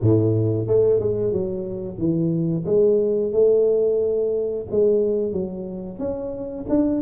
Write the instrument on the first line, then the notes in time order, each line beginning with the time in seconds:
tuba
0.01 A2
0.67 A3
0.99 G#3
1.32 F#3
1.98 E3
2.65 G#3
3.32 A3
4.70 G#3
5.32 F#3
5.98 C#4
6.69 D4